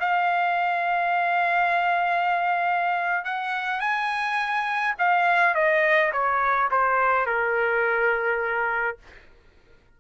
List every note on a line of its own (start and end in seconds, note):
0.00 3.25 F5
3.25 3.80 F#5
3.80 4.95 G#5
4.99 5.55 F5
5.55 6.12 D#5
6.12 6.70 C#5
6.71 7.26 C5
7.26 8.98 A#4